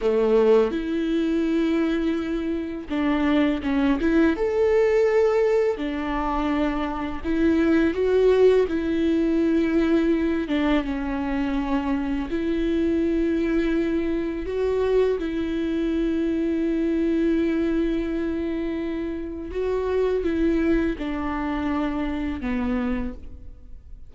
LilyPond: \new Staff \with { instrumentName = "viola" } { \time 4/4 \tempo 4 = 83 a4 e'2. | d'4 cis'8 e'8 a'2 | d'2 e'4 fis'4 | e'2~ e'8 d'8 cis'4~ |
cis'4 e'2. | fis'4 e'2.~ | e'2. fis'4 | e'4 d'2 b4 | }